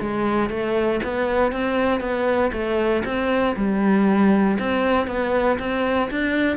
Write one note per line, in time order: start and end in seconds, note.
0.00 0.49 G#3
0.49 1.00 A3
1.03 1.52 B3
1.52 2.00 C4
2.00 2.51 B3
2.52 3.03 A3
3.04 3.55 C4
3.56 4.58 G3
4.59 5.07 C4
5.07 5.58 B3
5.59 6.10 C4
6.11 6.57 D4